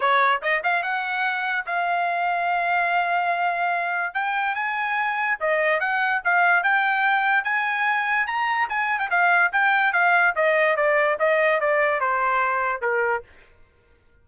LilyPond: \new Staff \with { instrumentName = "trumpet" } { \time 4/4 \tempo 4 = 145 cis''4 dis''8 f''8 fis''2 | f''1~ | f''2 g''4 gis''4~ | gis''4 dis''4 fis''4 f''4 |
g''2 gis''2 | ais''4 gis''8. g''16 f''4 g''4 | f''4 dis''4 d''4 dis''4 | d''4 c''2 ais'4 | }